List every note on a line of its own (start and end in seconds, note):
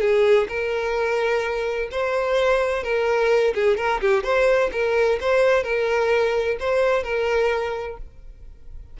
0.00 0.47 G#4
0.48 1.89 A#4
1.91 2.83 C5
2.83 3.53 A#4
3.54 3.77 G#4
3.77 4.00 A#4
4.01 4.23 G4
4.23 4.70 C5
4.72 5.19 A#4
5.20 5.63 C5
5.63 6.57 A#4
6.59 7.03 C5
7.03 7.97 A#4